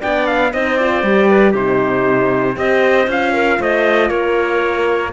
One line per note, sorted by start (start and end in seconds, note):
0.00 0.53 B3
0.00 0.52 D4
0.00 0.51 D5
0.00 0.26 G5
0.26 0.52 F5
0.52 1.02 C4
0.52 0.79 D#4
0.52 1.29 C5
0.52 0.77 D#5
0.77 1.03 F4
0.77 1.54 D5
1.02 1.54 G3
1.02 1.54 G4
1.29 1.51 B4
1.51 2.56 C3
1.51 2.55 D#4
1.51 2.53 G4
1.51 2.58 C5
2.55 3.07 C4
2.55 3.06 G4
2.55 3.33 C5
2.55 3.09 D#5
3.07 3.58 C#4
3.07 5.13 F4
3.07 3.62 F5
3.33 3.59 A#4
3.59 4.10 A3
3.59 4.09 C5
3.59 4.10 D#5
4.09 5.13 A#3
4.09 5.12 A#4
4.09 5.12 C#5